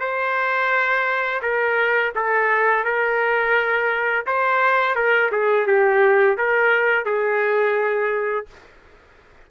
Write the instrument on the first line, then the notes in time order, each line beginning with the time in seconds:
trumpet
0.00 C5
1.42 A#4
2.15 A4
2.84 A#4
4.26 C5
4.95 A#4
5.31 G#4
5.67 G4
6.37 A#4
7.05 G#4